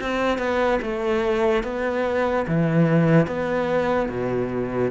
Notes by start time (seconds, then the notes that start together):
0.00 C4
0.38 B3
0.81 A3
1.63 B3
2.47 E3
3.27 B3
4.08 B2